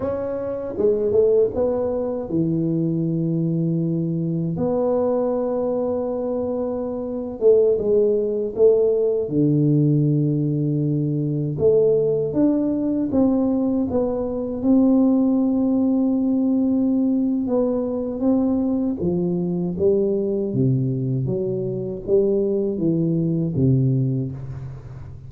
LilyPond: \new Staff \with { instrumentName = "tuba" } { \time 4/4 \tempo 4 = 79 cis'4 gis8 a8 b4 e4~ | e2 b2~ | b4.~ b16 a8 gis4 a8.~ | a16 d2. a8.~ |
a16 d'4 c'4 b4 c'8.~ | c'2. b4 | c'4 f4 g4 c4 | fis4 g4 e4 c4 | }